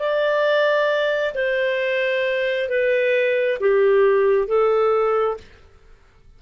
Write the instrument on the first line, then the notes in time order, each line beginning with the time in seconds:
clarinet
0.00 D5
1.35 C5
2.69 B4
3.60 G4
4.48 A4